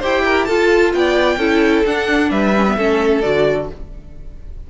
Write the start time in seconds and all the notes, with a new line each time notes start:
0.00 E4 G4 C5 G5
0.25 A#4
0.45 F4 A4 A5
0.95 B3 D5 G5
1.38 C#4 E4 A4
1.87 D4 F#5
2.31 G3 B4 E5
2.56 C#4
2.67 B3
2.78 A3 C#4 A4
3.22 D3 F#4 D5